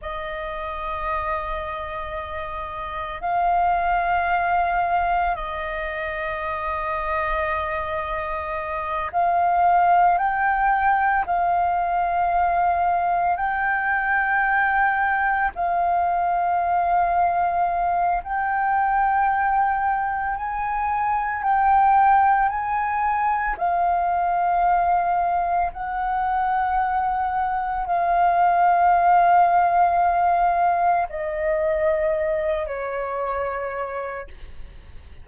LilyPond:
\new Staff \with { instrumentName = "flute" } { \time 4/4 \tempo 4 = 56 dis''2. f''4~ | f''4 dis''2.~ | dis''8 f''4 g''4 f''4.~ | f''8 g''2 f''4.~ |
f''4 g''2 gis''4 | g''4 gis''4 f''2 | fis''2 f''2~ | f''4 dis''4. cis''4. | }